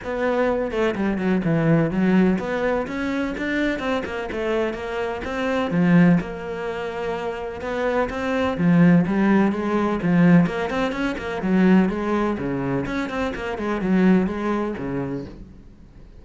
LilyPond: \new Staff \with { instrumentName = "cello" } { \time 4/4 \tempo 4 = 126 b4. a8 g8 fis8 e4 | fis4 b4 cis'4 d'4 | c'8 ais8 a4 ais4 c'4 | f4 ais2. |
b4 c'4 f4 g4 | gis4 f4 ais8 c'8 cis'8 ais8 | fis4 gis4 cis4 cis'8 c'8 | ais8 gis8 fis4 gis4 cis4 | }